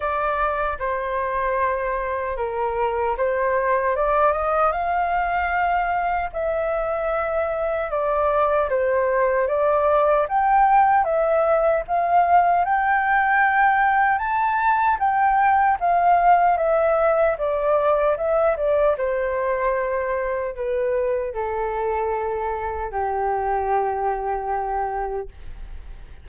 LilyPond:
\new Staff \with { instrumentName = "flute" } { \time 4/4 \tempo 4 = 76 d''4 c''2 ais'4 | c''4 d''8 dis''8 f''2 | e''2 d''4 c''4 | d''4 g''4 e''4 f''4 |
g''2 a''4 g''4 | f''4 e''4 d''4 e''8 d''8 | c''2 b'4 a'4~ | a'4 g'2. | }